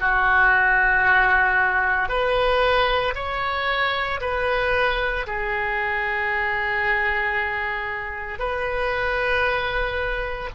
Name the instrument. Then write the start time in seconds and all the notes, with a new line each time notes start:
oboe
0.00 F#4
2.09 B4
3.15 C#5
4.21 B4
5.26 G#4
8.39 B4